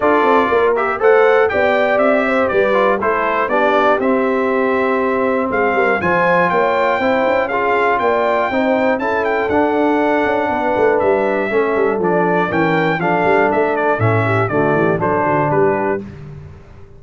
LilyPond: <<
  \new Staff \with { instrumentName = "trumpet" } { \time 4/4 \tempo 4 = 120 d''4. e''8 fis''4 g''4 | e''4 d''4 c''4 d''4 | e''2. f''4 | gis''4 g''2 f''4 |
g''2 a''8 g''8 fis''4~ | fis''2 e''2 | d''4 g''4 f''4 e''8 d''8 | e''4 d''4 c''4 b'4 | }
  \new Staff \with { instrumentName = "horn" } { \time 4/4 a'4 ais'4 c''4 d''4~ | d''8 c''8 b'4 a'4 g'4~ | g'2. gis'8 ais'8 | c''4 cis''4 c''4 gis'4 |
d''4 c''4 a'2~ | a'4 b'2 a'4~ | a'4 ais'4 a'2~ | a'8 g'8 fis'8 g'8 a'8 fis'8 g'4 | }
  \new Staff \with { instrumentName = "trombone" } { \time 4/4 f'4. g'8 a'4 g'4~ | g'4. f'8 e'4 d'4 | c'1 | f'2 e'4 f'4~ |
f'4 dis'4 e'4 d'4~ | d'2. cis'4 | d'4 cis'4 d'2 | cis'4 a4 d'2 | }
  \new Staff \with { instrumentName = "tuba" } { \time 4/4 d'8 c'8 ais4 a4 b4 | c'4 g4 a4 b4 | c'2. gis8 g8 | f4 ais4 c'8 cis'4. |
ais4 c'4 cis'4 d'4~ | d'8 cis'8 b8 a8 g4 a8 g8 | f4 e4 f8 g8 a4 | a,4 d8 e8 fis8 d8 g4 | }
>>